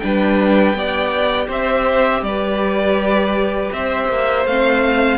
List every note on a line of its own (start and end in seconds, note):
0.00 0.74 G3
0.00 0.77 D4
0.00 0.78 B4
0.00 1.48 G5
0.74 1.48 B3
0.74 4.48 G4
0.74 1.48 D5
1.48 2.22 C4
1.48 2.22 C5
1.48 2.24 E5
2.22 3.71 G3
2.22 3.75 B4
2.22 3.72 D5
3.73 4.09 C4
3.73 5.18 C5
3.73 4.47 E5
4.09 4.46 A#3
4.46 5.18 A3
4.46 5.18 C4
4.46 5.18 F5